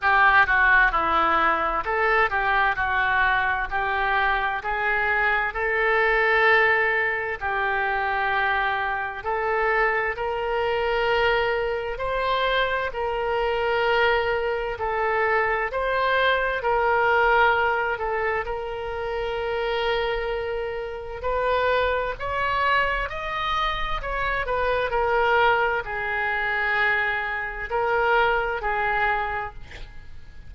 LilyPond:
\new Staff \with { instrumentName = "oboe" } { \time 4/4 \tempo 4 = 65 g'8 fis'8 e'4 a'8 g'8 fis'4 | g'4 gis'4 a'2 | g'2 a'4 ais'4~ | ais'4 c''4 ais'2 |
a'4 c''4 ais'4. a'8 | ais'2. b'4 | cis''4 dis''4 cis''8 b'8 ais'4 | gis'2 ais'4 gis'4 | }